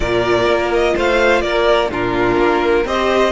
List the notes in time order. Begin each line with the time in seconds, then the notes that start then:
0.00 A#2 F4 A#4 D5
0.46 A#3
0.73 D#5
0.95 A3 C5 F5
1.41 A#3 A#4 D5
1.90 A#2 D4 F4 A#4
2.37 A#3
2.84 C4 G4 C5 D#5